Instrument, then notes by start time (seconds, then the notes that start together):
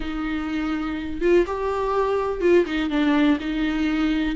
viola
0.00 D#4
1.21 F4
1.46 G4
2.40 F4
2.65 D#4
2.89 D4
3.40 D#4